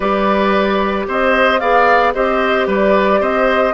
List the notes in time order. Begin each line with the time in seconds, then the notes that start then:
0.00 G3 G4 B4 D5
1.07 C4 C5 D#5
1.59 B3 G#4 D5 F5
2.14 C4 G4 C5 D#5
2.67 G3 B4 D5
3.20 C4 C5 D#5